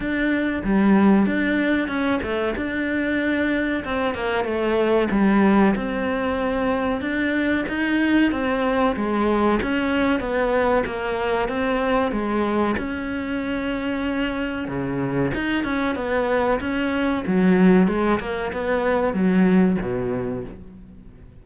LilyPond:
\new Staff \with { instrumentName = "cello" } { \time 4/4 \tempo 4 = 94 d'4 g4 d'4 cis'8 a8 | d'2 c'8 ais8 a4 | g4 c'2 d'4 | dis'4 c'4 gis4 cis'4 |
b4 ais4 c'4 gis4 | cis'2. cis4 | dis'8 cis'8 b4 cis'4 fis4 | gis8 ais8 b4 fis4 b,4 | }